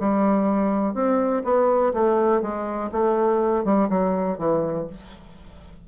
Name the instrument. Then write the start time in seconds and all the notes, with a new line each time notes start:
bassoon
0.00 G3
0.94 C4
1.44 B3
1.94 A3
2.42 G#3
2.92 A3
3.65 G3
3.89 F#3
4.38 E3